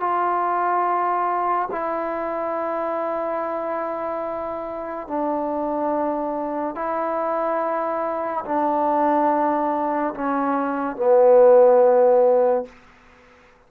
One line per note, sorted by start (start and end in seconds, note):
0.00 1.69 F4
1.71 5.08 E4
5.08 6.75 D4
6.75 8.44 E4
8.45 10.14 D4
10.15 10.96 C#4
10.96 12.65 B3